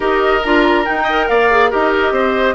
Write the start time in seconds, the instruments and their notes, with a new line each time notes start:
0.00 bassoon D#4, clarinet G4, oboe A#4, flute D#5
0.43 bassoon D4, clarinet F4, flute A#5
0.85 clarinet D#4, bassoon D#4, flute G5
1.03 clarinet A#4, oboe D#5
1.28 bassoon A#3, oboe D5, flute F5
1.51 clarinet G#4
1.70 bassoon D#4, clarinet G4, oboe A#4, flute D#5
2.11 bassoon C4, oboe C5